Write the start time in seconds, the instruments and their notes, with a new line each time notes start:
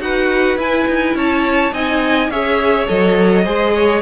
0.00 cello D#4, viola F#4, violin B4 F#5
0.57 cello E4, viola E4, violin G#5
0.88 cello D#4
1.15 cello C#4, violin C#5 A5
1.73 cello C4, viola D#4, violin D#5 G#5
2.30 cello C#4, viola G#4, violin C#5 E5
2.87 cello F#3, viola A4, violin D#5
3.44 cello G#3, viola G#4, violin C5
3.75 violin C#5